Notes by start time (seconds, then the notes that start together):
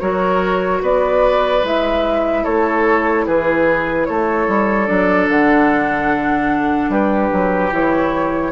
0.00 F#3 F#4 A#4 C#5
0.82 B3 B4 D5
1.62 G#3 E4 E5
2.44 A3 A4 C#5
3.26 E3 G#4 B4
4.05 A3 A4 C#5
4.48 G3
4.86 F#3 D4 D5
5.29 D3 F#5
6.89 G3 G4 B4
7.33 F#3
7.72 E3 E4 C#5